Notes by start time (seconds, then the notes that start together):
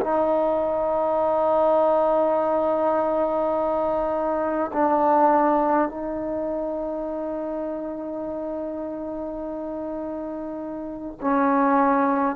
0.00 D#4
4.72 D4
5.88 D#4
11.20 C#4